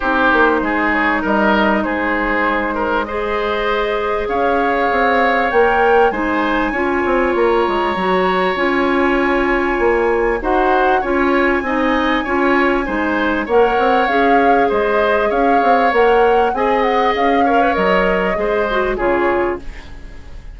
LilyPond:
<<
  \new Staff \with { instrumentName = "flute" } { \time 4/4 \tempo 4 = 98 c''4. cis''8 dis''4 c''4~ | c''4 dis''2 f''4~ | f''4 g''4 gis''2 | ais''2 gis''2~ |
gis''4 fis''4 gis''2~ | gis''2 fis''4 f''4 | dis''4 f''4 fis''4 gis''8 fis''8 | f''4 dis''2 cis''4 | }
  \new Staff \with { instrumentName = "oboe" } { \time 4/4 g'4 gis'4 ais'4 gis'4~ | gis'8 ais'8 c''2 cis''4~ | cis''2 c''4 cis''4~ | cis''1~ |
cis''4 c''4 cis''4 dis''4 | cis''4 c''4 cis''2 | c''4 cis''2 dis''4~ | dis''8 cis''4. c''4 gis'4 | }
  \new Staff \with { instrumentName = "clarinet" } { \time 4/4 dis'1~ | dis'4 gis'2.~ | gis'4 ais'4 dis'4 f'4~ | f'4 fis'4 f'2~ |
f'4 fis'4 f'4 dis'4 | f'4 dis'4 ais'4 gis'4~ | gis'2 ais'4 gis'4~ | gis'8 ais'16 b'16 ais'4 gis'8 fis'8 f'4 | }
  \new Staff \with { instrumentName = "bassoon" } { \time 4/4 c'8 ais8 gis4 g4 gis4~ | gis2. cis'4 | c'4 ais4 gis4 cis'8 c'8 | ais8 gis8 fis4 cis'2 |
ais4 dis'4 cis'4 c'4 | cis'4 gis4 ais8 c'8 cis'4 | gis4 cis'8 c'8 ais4 c'4 | cis'4 fis4 gis4 cis4 | }
>>